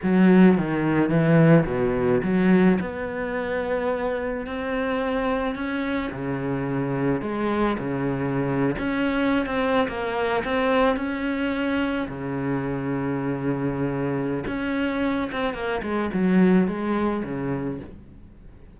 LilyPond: \new Staff \with { instrumentName = "cello" } { \time 4/4 \tempo 4 = 108 fis4 dis4 e4 b,4 | fis4 b2. | c'2 cis'4 cis4~ | cis4 gis4 cis4.~ cis16 cis'16~ |
cis'4 c'8. ais4 c'4 cis'16~ | cis'4.~ cis'16 cis2~ cis16~ | cis2 cis'4. c'8 | ais8 gis8 fis4 gis4 cis4 | }